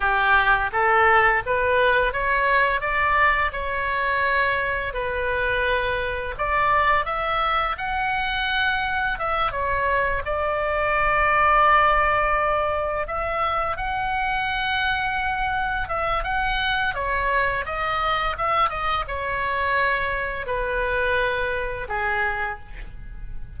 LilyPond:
\new Staff \with { instrumentName = "oboe" } { \time 4/4 \tempo 4 = 85 g'4 a'4 b'4 cis''4 | d''4 cis''2 b'4~ | b'4 d''4 e''4 fis''4~ | fis''4 e''8 cis''4 d''4.~ |
d''2~ d''8 e''4 fis''8~ | fis''2~ fis''8 e''8 fis''4 | cis''4 dis''4 e''8 dis''8 cis''4~ | cis''4 b'2 gis'4 | }